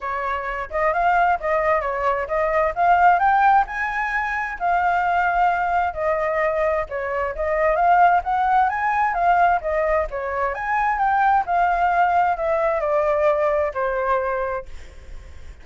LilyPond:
\new Staff \with { instrumentName = "flute" } { \time 4/4 \tempo 4 = 131 cis''4. dis''8 f''4 dis''4 | cis''4 dis''4 f''4 g''4 | gis''2 f''2~ | f''4 dis''2 cis''4 |
dis''4 f''4 fis''4 gis''4 | f''4 dis''4 cis''4 gis''4 | g''4 f''2 e''4 | d''2 c''2 | }